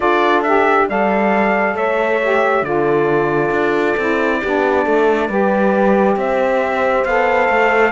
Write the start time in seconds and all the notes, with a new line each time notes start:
0.00 D4 F4 A4 D5
0.42 G4 E5
0.89 G3 A4 D5 F5
1.74 A3 C#5 E5
2.22 G4
2.62 D3 F4 A4 D5
3.50 D4
3.97 C4 E4
4.40 B3 D4 G4
4.84 A3 A4
5.28 G3 G4 B4
6.16 C4 C5 E5
7.04 B3 A4 F5
7.48 A3